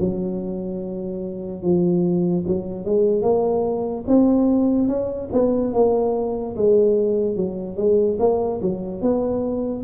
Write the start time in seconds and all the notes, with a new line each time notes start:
0.00 F#3
1.63 F3
2.48 F#3
2.86 G#3
3.22 A#3
4.08 C4
4.88 C#4
5.33 B3
5.74 A#3
6.57 G#3
7.37 F#3
7.77 G#3
8.20 A#3
8.62 F#3
9.02 B3